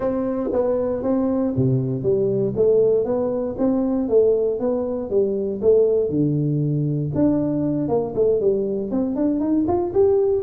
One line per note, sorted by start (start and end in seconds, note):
0.00 0.50 C4
0.52 1.02 B3
1.02 1.53 C4
1.56 2.02 C3
2.02 2.53 G3
2.55 3.04 A3
3.04 3.55 B3
3.58 4.08 C4
4.08 4.59 A3
4.59 5.10 B3
5.10 5.60 G3
5.61 6.09 A3
6.09 7.11 D3
7.14 7.88 D4
7.88 8.14 A#3
8.15 8.40 A3
8.40 8.90 G3
8.90 9.15 C4
9.15 9.39 D4
9.39 9.65 D#4
9.67 9.93 F4
9.94 10.43 G4